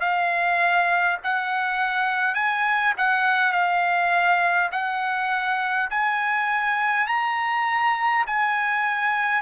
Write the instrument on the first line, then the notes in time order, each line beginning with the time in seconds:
trumpet
0.00 F5
1.24 F#5
2.34 G#5
2.97 F#5
3.52 F5
4.72 F#5
5.90 G#5
7.07 A#5
8.26 G#5